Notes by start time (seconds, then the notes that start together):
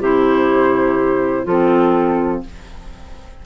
0.00 C3 E4 G4 C5
1.44 F3 C4 F4 A4